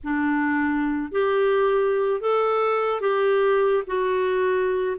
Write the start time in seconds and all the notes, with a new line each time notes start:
0.03 D4
1.11 G4
2.20 A4
3.01 G4
3.87 F#4